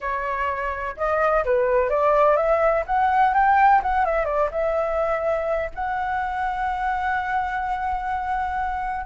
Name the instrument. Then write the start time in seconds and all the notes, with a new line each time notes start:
flute
0.00 C#5
0.96 D#5
1.45 B4
1.89 D5
2.36 E5
2.86 F#5
3.33 G5
3.82 F#5
4.05 E5
4.25 D5
4.51 E5
5.74 F#5